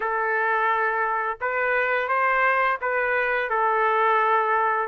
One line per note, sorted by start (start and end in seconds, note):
0.00 1.38 A4
1.40 2.08 B4
2.08 2.78 C5
2.81 3.49 B4
3.49 4.87 A4